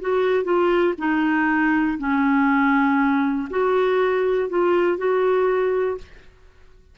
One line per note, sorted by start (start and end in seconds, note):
0.00 0.44 F#4
0.44 0.94 F4
0.98 1.98 D#4
1.98 3.48 C#4
3.50 4.49 F#4
4.49 4.98 F4
4.98 5.98 F#4